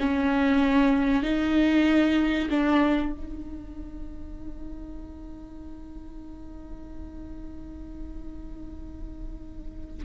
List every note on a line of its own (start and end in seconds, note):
0.00 1.23 C#4
1.23 2.49 D#4
2.51 3.13 D4
3.13 10.05 D#4